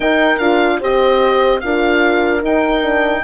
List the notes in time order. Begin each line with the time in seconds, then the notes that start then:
0.00 D#4 A#4 G5
0.38 D4 F4 F5
0.79 C4 G4 C5 D#5
1.60 D4 F4 A#4 F5
2.41 D#4 G5
2.82 D4